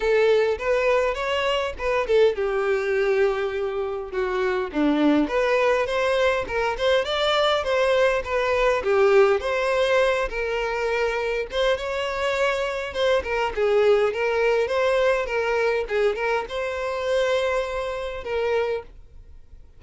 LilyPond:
\new Staff \with { instrumentName = "violin" } { \time 4/4 \tempo 4 = 102 a'4 b'4 cis''4 b'8 a'8 | g'2. fis'4 | d'4 b'4 c''4 ais'8 c''8 | d''4 c''4 b'4 g'4 |
c''4. ais'2 c''8 | cis''2 c''8 ais'8 gis'4 | ais'4 c''4 ais'4 gis'8 ais'8 | c''2. ais'4 | }